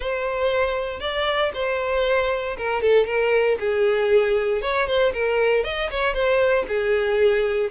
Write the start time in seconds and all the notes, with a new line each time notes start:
0.00 C5
1.00 D5
1.54 C5
2.57 A#4
2.81 A4
3.06 A#4
3.59 G#4
4.61 C#5
4.87 C5
5.13 A#4
5.64 D#5
5.90 C#5
6.14 C5
6.68 G#4